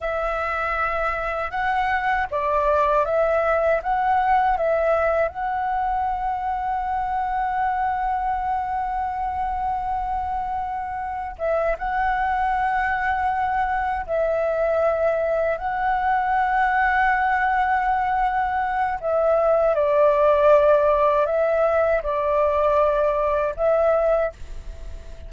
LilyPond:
\new Staff \with { instrumentName = "flute" } { \time 4/4 \tempo 4 = 79 e''2 fis''4 d''4 | e''4 fis''4 e''4 fis''4~ | fis''1~ | fis''2. e''8 fis''8~ |
fis''2~ fis''8 e''4.~ | e''8 fis''2.~ fis''8~ | fis''4 e''4 d''2 | e''4 d''2 e''4 | }